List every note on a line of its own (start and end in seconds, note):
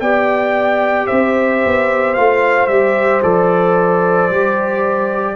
0.00 1.07 B3
0.00 2.16 G4
0.00 1.07 D5
0.00 1.07 G5
1.07 1.65 C4
1.07 5.36 C5
1.07 2.14 E5
1.65 2.17 B3
2.14 2.68 A3
2.14 2.70 F4
2.14 2.67 F5
2.67 3.21 G3
2.67 3.23 G4
2.67 3.21 E5
3.23 4.31 F3
3.23 4.30 A4
3.23 5.36 D5
4.31 5.36 G3
4.31 5.36 G4